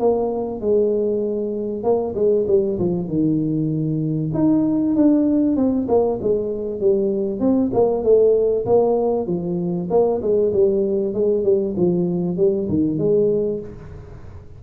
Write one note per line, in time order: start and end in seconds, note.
0.00 0.61 A#3
0.61 1.84 G#3
1.84 2.15 A#3
2.15 2.46 G#3
2.48 2.79 G3
2.79 3.08 F3
3.08 4.32 D#3
4.34 4.96 D#4
4.96 5.56 D4
5.56 5.87 C4
5.88 6.19 A#3
6.22 6.80 G#3
6.80 7.40 G3
7.40 7.71 C4
7.73 8.04 A#3
8.04 8.66 A3
8.66 9.27 A#3
9.27 9.89 F3
9.91 10.21 A#3
10.22 10.53 G#3
10.54 11.14 G3
11.14 11.44 G#3
11.44 11.75 G3
11.77 12.37 F3
12.37 12.68 G3
12.69 12.98 D#3
12.98 13.60 G#3